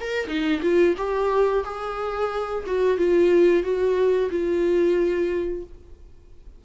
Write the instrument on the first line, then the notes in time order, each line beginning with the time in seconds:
viola
0.00 A#4
0.27 D#4
0.62 F4
0.97 G4
1.64 G#4
2.66 F#4
2.97 F4
3.63 F#4
4.30 F4